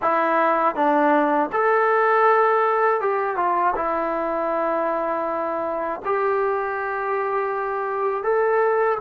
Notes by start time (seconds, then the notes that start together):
0.01 E4
0.75 D4
1.52 A4
3.00 G4
3.36 F4
3.75 E4
6.05 G4
8.23 A4